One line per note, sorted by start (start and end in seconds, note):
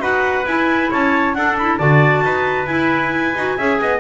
0.00 0.44 D#4
0.00 0.45 F#4
0.00 0.91 B4
0.00 0.47 F#5
0.46 0.90 E4
0.46 1.37 E4
0.46 0.92 G#5
0.91 1.35 C#4
0.91 1.35 C#5
0.91 1.34 A5
1.34 1.79 D4
1.34 1.59 D4
1.34 1.79 A4
1.34 1.56 F#5
1.58 1.79 E4
1.58 1.78 B5
1.78 2.24 D3
1.78 2.68 F#4
1.78 2.23 D5
1.78 2.66 A5
2.24 2.67 D#4
2.24 3.58 B4
2.66 3.34 E4
2.66 3.35 E4
2.66 4.00 G#5
3.36 3.58 D#4
3.36 3.59 F#4
3.58 3.81 C#4
3.58 4.00 G#4
3.58 3.80 E5
3.82 4.00 B3
3.82 4.00 D#5